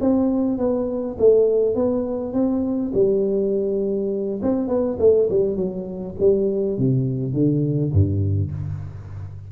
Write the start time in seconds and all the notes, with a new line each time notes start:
0.00 C4
0.58 B3
1.18 A3
1.75 B3
2.33 C4
2.94 G3
4.42 C4
4.68 B3
4.99 A3
5.29 G3
5.55 F#3
6.20 G3
6.78 C3
7.33 D3
7.92 G2